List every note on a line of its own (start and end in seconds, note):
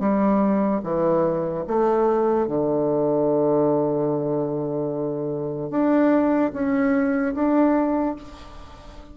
0.00 0.81 G3
0.84 1.65 E3
1.67 2.47 A3
2.47 5.71 D3
5.71 6.52 D4
6.53 7.35 C#4
7.35 8.16 D4